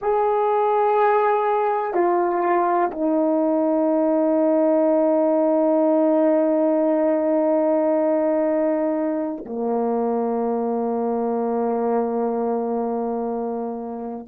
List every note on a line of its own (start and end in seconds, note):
0.01 1.94 G#4
1.94 2.90 F4
2.91 9.44 D#4
9.45 14.27 A#3